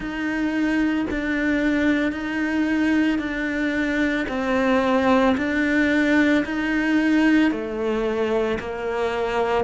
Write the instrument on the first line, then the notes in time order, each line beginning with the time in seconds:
cello
0.00 D#4
1.10 D4
2.12 D#4
3.19 D4
4.28 C4
5.37 D4
6.45 D#4
7.50 A3
8.59 A#3